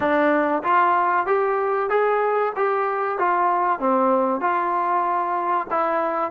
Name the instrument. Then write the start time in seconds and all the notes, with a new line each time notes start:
trombone
0.00 D4
0.63 F4
1.26 G4
1.89 G#4
2.56 G4
3.18 F4
3.79 C4
4.40 F4
5.70 E4